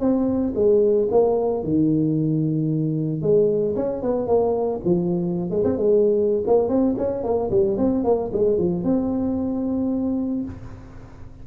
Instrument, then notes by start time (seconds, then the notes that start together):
tuba
0.00 C4
0.55 G#3
1.11 A#3
1.64 D#3
3.22 G#3
3.76 C#4
4.03 B3
4.27 A#3
4.85 F3
5.51 G#3
5.65 C4
5.78 G#3
6.47 A#3
6.69 C4
6.98 C#4
7.24 A#3
7.51 G3
7.78 C4
8.05 A#3
8.34 G#3
8.58 F3
8.84 C4